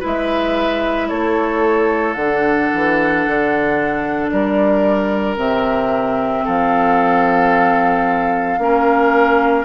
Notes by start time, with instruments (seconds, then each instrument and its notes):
0.00 bassoon G#3, clarinet E4, oboe B4, flute E5
1.09 bassoon A3, oboe A4, flute C#5
2.13 bassoon D3, flute F#5
2.21 clarinet D4
2.73 bassoon E3
3.27 bassoon D3
4.29 bassoon G3, oboe A#4, flute D5
5.37 bassoon C3, clarinet C4, flute E5
6.45 bassoon F3, oboe A4, flute F5
8.58 bassoon A#3, clarinet C#4, oboe A#4